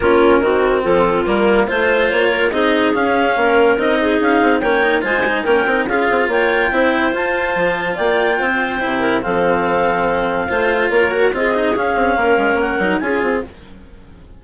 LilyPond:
<<
  \new Staff \with { instrumentName = "clarinet" } { \time 4/4 \tempo 4 = 143 ais'2 a'4 ais'4 | c''4 cis''4 dis''4 f''4~ | f''4 dis''4 f''4 g''4 | gis''4 g''4 f''4 g''4~ |
g''4 a''2 g''4~ | g''2 f''2~ | f''2 cis''4 dis''4 | f''2 fis''4 gis''4 | }
  \new Staff \with { instrumentName = "clarinet" } { \time 4/4 f'4 fis'4 f'2 | c''4. ais'8 gis'2 | ais'4. gis'4. cis''4 | c''4 ais'4 gis'4 cis''4 |
c''2. d''4 | c''4. ais'8 a'2~ | a'4 c''4 ais'4 gis'4~ | gis'4 ais'2 gis'4 | }
  \new Staff \with { instrumentName = "cello" } { \time 4/4 cis'4 c'2 ais4 | f'2 dis'4 cis'4~ | cis'4 dis'2 cis'8 dis'8 | f'8 dis'8 cis'8 dis'8 f'2 |
e'4 f'2.~ | f'4 e'4 c'2~ | c'4 f'4. fis'8 f'8 dis'8 | cis'2~ cis'8 dis'8 f'4 | }
  \new Staff \with { instrumentName = "bassoon" } { \time 4/4 ais4 dis4 f4 g4 | a4 ais4 c'4 cis'4 | ais4 c'4 cis'8 c'8 ais4 | gis4 ais8 c'8 cis'8 c'8 ais4 |
c'4 f'4 f4 ais4 | c'4 c4 f2~ | f4 a4 ais4 c'4 | cis'8 c'8 ais8 gis8 ais8 fis8 cis'8 c'8 | }
>>